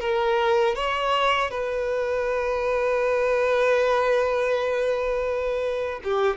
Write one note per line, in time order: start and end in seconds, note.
0.00 0.75 A#4
0.75 1.50 C#5
1.50 6.00 B4
6.03 6.36 G4